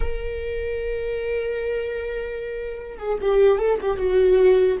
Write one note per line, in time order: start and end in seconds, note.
0.00 2.98 A#4
2.98 3.18 G#4
3.21 3.58 G4
3.58 3.78 A4
3.81 3.97 G4
3.97 4.77 F#4